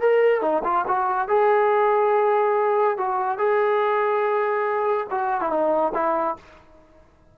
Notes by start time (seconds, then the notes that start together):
0.00 A#4
0.41 D#4
0.63 F4
0.87 F#4
1.28 G#4
2.97 F#4
3.38 G#4
5.10 F#4
5.41 E4
5.50 D#4
5.94 E4